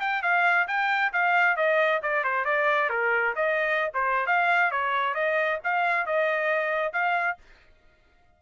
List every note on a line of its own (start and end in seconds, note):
0.00 0.22 G5
0.22 0.67 F5
0.68 1.13 G5
1.13 1.56 F5
1.56 2.01 D#5
2.02 2.24 D5
2.24 2.45 C5
2.45 2.89 D5
2.89 3.34 A#4
3.36 3.92 D#5
3.94 4.27 C5
4.27 4.71 F5
4.71 5.14 C#5
5.14 5.59 D#5
5.64 6.06 F5
6.06 6.93 D#5
6.93 7.38 F5